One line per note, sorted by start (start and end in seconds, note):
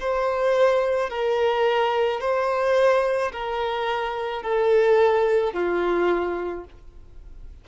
0.00 1.09 C5
1.09 2.20 A#4
2.20 3.31 C5
3.32 4.42 A#4
4.42 5.53 A4
5.53 6.64 F4